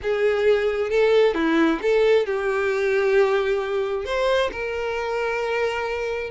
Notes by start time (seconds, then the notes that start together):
0.02 G#4
0.90 A4
1.34 E4
1.82 A4
2.26 G4
4.05 C5
4.52 A#4